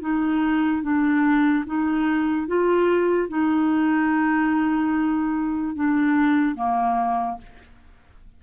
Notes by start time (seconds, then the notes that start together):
0.00 D#4
0.82 D4
1.66 D#4
2.47 F4
3.28 D#4
5.75 D4
6.55 A#3